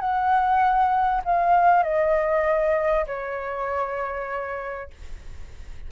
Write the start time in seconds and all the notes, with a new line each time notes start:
0.00 F#5
1.25 F5
1.83 D#5
3.07 C#5